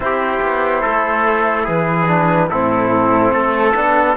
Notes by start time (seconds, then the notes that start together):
0.00 C4 E4 G4 C5
0.41 B3
0.81 A3 A4
1.64 E3 G#4 B4
2.07 D4
2.49 A2 C4 E4 A4
3.32 A3 A4
3.74 B3 D4